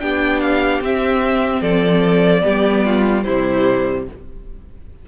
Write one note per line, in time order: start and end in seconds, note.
0.00 0.80 B3
0.00 0.82 D4
0.00 1.61 G4
0.00 0.41 G5
0.41 0.81 F5
0.80 1.61 C4
0.80 2.41 C4
0.80 1.62 E5
1.61 2.42 F3
1.61 2.42 A4
1.61 3.23 D5
2.41 3.26 G3
2.41 3.22 B3
2.41 2.83 G4
2.85 3.24 F4
3.23 4.08 C3
3.23 4.06 G3
3.23 4.05 E4
3.23 4.04 C5